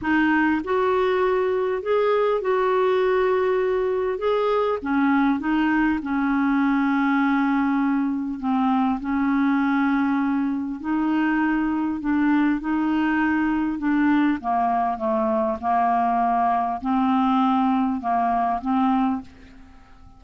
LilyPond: \new Staff \with { instrumentName = "clarinet" } { \time 4/4 \tempo 4 = 100 dis'4 fis'2 gis'4 | fis'2. gis'4 | cis'4 dis'4 cis'2~ | cis'2 c'4 cis'4~ |
cis'2 dis'2 | d'4 dis'2 d'4 | ais4 a4 ais2 | c'2 ais4 c'4 | }